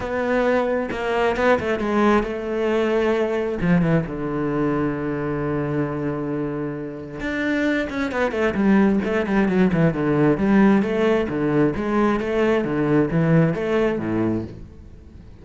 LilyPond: \new Staff \with { instrumentName = "cello" } { \time 4/4 \tempo 4 = 133 b2 ais4 b8 a8 | gis4 a2. | f8 e8 d2.~ | d1 |
d'4. cis'8 b8 a8 g4 | a8 g8 fis8 e8 d4 g4 | a4 d4 gis4 a4 | d4 e4 a4 a,4 | }